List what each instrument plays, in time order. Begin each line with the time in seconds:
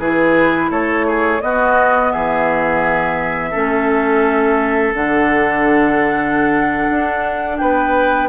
0.00 bassoon E3, clarinet E4, oboe G#4, flute B4
0.70 bassoon A3, oboe A4, flute C#5
1.07 oboe G#4
1.41 clarinet B3, bassoon B3, oboe F#4, flute D#5
2.12 bassoon E3, oboe G#4, flute E5
3.51 bassoon A3, clarinet C#4, oboe A4
4.94 bassoon D3, clarinet D4, flute F#5
6.91 bassoon D4
7.58 bassoon B3, oboe B4, flute G5